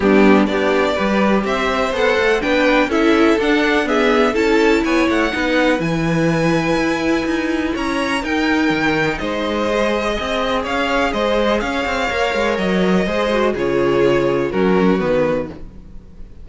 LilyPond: <<
  \new Staff \with { instrumentName = "violin" } { \time 4/4 \tempo 4 = 124 g'4 d''2 e''4 | fis''4 g''4 e''4 fis''4 | e''4 a''4 gis''8 fis''4. | gis''1 |
ais''4 g''2 dis''4~ | dis''2 f''4 dis''4 | f''2 dis''2 | cis''2 ais'4 b'4 | }
  \new Staff \with { instrumentName = "violin" } { \time 4/4 d'4 g'4 b'4 c''4~ | c''4 b'4 a'2 | gis'4 a'4 cis''4 b'4~ | b'1 |
cis''4 ais'2 c''4~ | c''4 dis''4 cis''4 c''4 | cis''2. c''4 | gis'2 fis'2 | }
  \new Staff \with { instrumentName = "viola" } { \time 4/4 b4 d'4 g'2 | a'4 d'4 e'4 d'4 | b4 e'2 dis'4 | e'1~ |
e'4 dis'2. | gis'1~ | gis'4 ais'2 gis'8 fis'8 | f'2 cis'4 b4 | }
  \new Staff \with { instrumentName = "cello" } { \time 4/4 g4 b4 g4 c'4 | b8 a8 b4 cis'4 d'4~ | d'4 cis'4 b8 a8 b4 | e2 e'4 dis'4 |
cis'4 dis'4 dis4 gis4~ | gis4 c'4 cis'4 gis4 | cis'8 c'8 ais8 gis8 fis4 gis4 | cis2 fis4 dis4 | }
>>